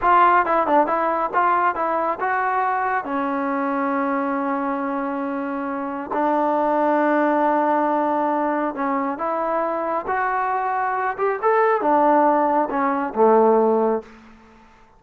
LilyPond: \new Staff \with { instrumentName = "trombone" } { \time 4/4 \tempo 4 = 137 f'4 e'8 d'8 e'4 f'4 | e'4 fis'2 cis'4~ | cis'1~ | cis'2 d'2~ |
d'1 | cis'4 e'2 fis'4~ | fis'4. g'8 a'4 d'4~ | d'4 cis'4 a2 | }